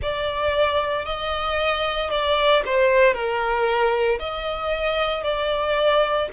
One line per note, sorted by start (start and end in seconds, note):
0.02 1.05 D5
1.05 2.10 D#5
2.10 2.63 D5
2.66 3.13 C5
3.13 4.18 A#4
4.19 5.23 D#5
5.23 6.29 D5